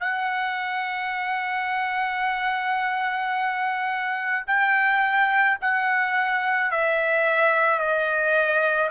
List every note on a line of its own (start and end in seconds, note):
0.00 4.44 F#5
4.46 5.58 G5
5.61 6.71 F#5
6.71 7.79 E5
7.79 8.90 D#5